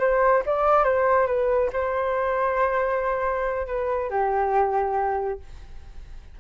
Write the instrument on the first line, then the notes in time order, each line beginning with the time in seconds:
flute
0.00 C5
0.46 D5
0.84 C5
1.27 B4
1.73 C5
3.67 B4
4.10 G4